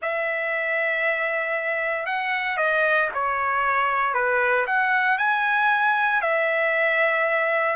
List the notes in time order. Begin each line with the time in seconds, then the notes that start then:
0.02 E5
2.06 F#5
2.57 D#5
3.14 C#5
4.14 B4
4.67 F#5
5.18 G#5
6.21 E5